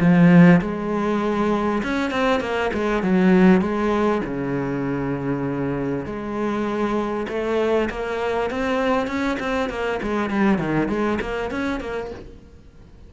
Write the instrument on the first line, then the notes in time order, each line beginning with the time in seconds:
cello
0.00 F3
0.61 G#3
1.83 C#4
2.10 C4
2.40 A#3
2.74 G#3
3.02 F#3
3.61 G#3
4.25 C#3
6.05 G#3
7.28 A3
7.90 A#3
8.50 C4
9.07 C#4
9.39 C4
9.69 A#3
10.02 G#3
10.30 G3
10.58 D#3
10.88 G#3
11.21 A#3
11.51 C#4
11.80 A#3